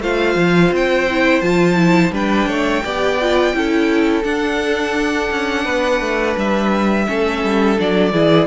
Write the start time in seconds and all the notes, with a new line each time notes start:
0.00 A3 F4 C5 F5
0.35 F3
0.71 C4 G5
1.10 E4
1.41 F3 F4 A5
1.76 E4
2.11 G3 D4 B4 G5
2.47 A3 C#5
2.84 B3 G4 D5
3.21 F4
3.54 C#4 E4 A4
4.23 D4 F#5
5.31 C#4
5.65 B3 B4
6.00 A3
6.37 G3 E5
7.06 A3 C#4 A4
7.43 G3
7.77 F#3 D4 D5
8.13 E3 E4 G#4